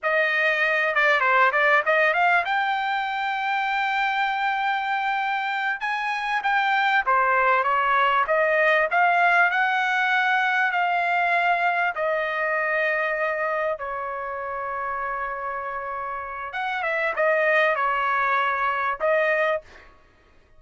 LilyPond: \new Staff \with { instrumentName = "trumpet" } { \time 4/4 \tempo 4 = 98 dis''4. d''8 c''8 d''8 dis''8 f''8 | g''1~ | g''4. gis''4 g''4 c''8~ | c''8 cis''4 dis''4 f''4 fis''8~ |
fis''4. f''2 dis''8~ | dis''2~ dis''8 cis''4.~ | cis''2. fis''8 e''8 | dis''4 cis''2 dis''4 | }